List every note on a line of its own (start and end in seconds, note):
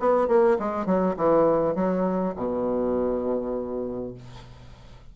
0.00 0.28 B3
0.28 0.58 A#3
0.59 0.86 G#3
0.86 1.16 F#3
1.17 1.76 E3
1.76 2.35 F#3
2.36 4.14 B2